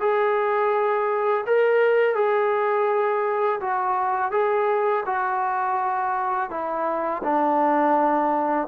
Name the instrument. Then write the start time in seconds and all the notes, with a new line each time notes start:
trombone
0.00 G#4
1.46 A#4
2.15 G#4
3.60 F#4
4.31 G#4
5.06 F#4
6.50 E4
7.23 D4